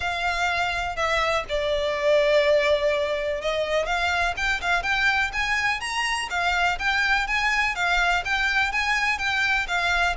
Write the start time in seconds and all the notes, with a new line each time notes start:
0.00 F5
0.96 E5
1.48 D5
3.41 D#5
3.86 F5
4.36 G5
4.61 F5
4.82 G5
5.32 G#5
5.80 A#5
6.30 F5
6.79 G5
7.27 G#5
7.75 F5
8.24 G5
8.71 G#5
9.18 G5
9.67 F5